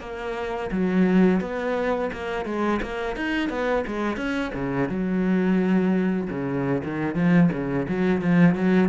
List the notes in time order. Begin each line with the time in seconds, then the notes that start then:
0.00 A#3
0.71 F#3
1.41 B3
2.12 A#3
2.45 G#3
2.82 A#3
3.16 D#4
3.49 B3
3.87 G#3
4.16 C#4
4.54 C#3
4.89 F#3
6.30 C#3
6.84 D#3
7.15 F3
7.52 C#3
7.88 F#3
8.21 F3
8.55 F#3